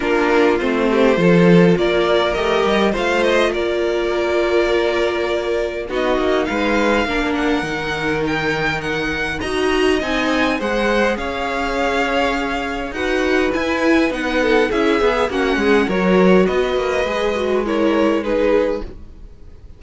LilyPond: <<
  \new Staff \with { instrumentName = "violin" } { \time 4/4 \tempo 4 = 102 ais'4 c''2 d''4 | dis''4 f''8 dis''8 d''2~ | d''2 dis''4 f''4~ | f''8 fis''4. g''4 fis''4 |
ais''4 gis''4 fis''4 f''4~ | f''2 fis''4 gis''4 | fis''4 e''4 fis''4 cis''4 | dis''2 cis''4 b'4 | }
  \new Staff \with { instrumentName = "violin" } { \time 4/4 f'4. g'8 a'4 ais'4~ | ais'4 c''4 ais'2~ | ais'2 fis'4 b'4 | ais'1 |
dis''2 c''4 cis''4~ | cis''2 b'2~ | b'8 a'8 gis'4 fis'8 gis'8 ais'4 | b'2 ais'4 gis'4 | }
  \new Staff \with { instrumentName = "viola" } { \time 4/4 d'4 c'4 f'2 | g'4 f'2.~ | f'2 dis'2 | d'4 dis'2. |
fis'4 dis'4 gis'2~ | gis'2 fis'4 e'4 | dis'4 e'8 gis'8 cis'4 fis'4~ | fis'4 gis'8 fis'8 e'4 dis'4 | }
  \new Staff \with { instrumentName = "cello" } { \time 4/4 ais4 a4 f4 ais4 | a8 g8 a4 ais2~ | ais2 b8 ais8 gis4 | ais4 dis2. |
dis'4 c'4 gis4 cis'4~ | cis'2 dis'4 e'4 | b4 cis'8 b8 ais8 gis8 fis4 | b8 ais8 gis2. | }
>>